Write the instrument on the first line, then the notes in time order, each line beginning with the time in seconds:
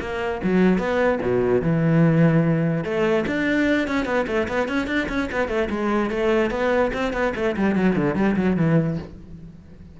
cello
0.00 A#3
0.43 F#3
0.78 B3
1.21 B2
1.62 E3
2.84 A3
3.26 D4
3.87 C#4
4.05 B3
4.27 A3
4.48 B3
4.68 C#4
4.87 D4
5.08 C#4
5.32 B3
5.48 A3
5.70 G#3
6.10 A3
6.50 B3
6.93 C4
7.13 B3
7.35 A3
7.56 G3
7.75 F#3
7.95 D3
8.15 G3
8.36 F#3
8.56 E3